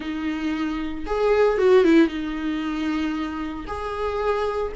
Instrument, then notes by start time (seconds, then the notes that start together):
viola
0.00 D#4
1.06 G#4
1.58 F#4
1.84 E4
2.07 D#4
3.67 G#4